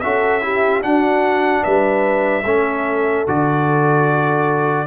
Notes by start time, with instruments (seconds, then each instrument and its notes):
0.00 tuba C#4, trombone F#4, horn A4, trumpet E5
0.41 trombone E4, horn G4
0.82 trombone D4, tuba D4, horn F#4, trumpet F#5
1.63 tuba G3, horn B4, trumpet E5
2.45 tuba A3, trombone C#4, horn A4
3.27 tuba D3, trombone F#4, trumpet D5